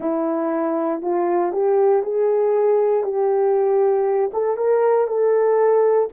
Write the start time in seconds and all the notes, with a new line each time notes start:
0.00 E4
1.01 F4
1.52 G4
2.02 G#4
3.03 G4
4.33 A4
4.57 A#4
5.07 A4